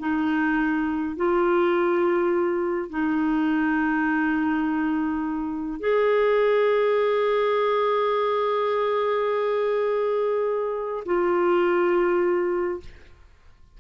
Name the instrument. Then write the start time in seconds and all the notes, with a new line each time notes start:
clarinet
0.00 D#4
1.17 F4
2.90 D#4
5.80 G#4
11.06 F4